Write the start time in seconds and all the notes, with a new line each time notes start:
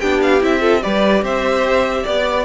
0.00 B3 D4 G4 G5
0.22 F5
0.40 C4 E4 E5
0.60 F4 A4
0.81 G3 G4 B4 D5
1.22 C4 C5 E5
2.03 B3 D5